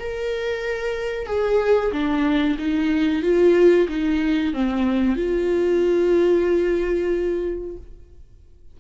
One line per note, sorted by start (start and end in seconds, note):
0.00 1.27 A#4
1.27 1.92 G#4
1.92 2.58 D4
2.59 3.23 D#4
3.23 3.88 F4
3.89 4.54 D#4
4.54 5.16 C4
5.16 7.77 F4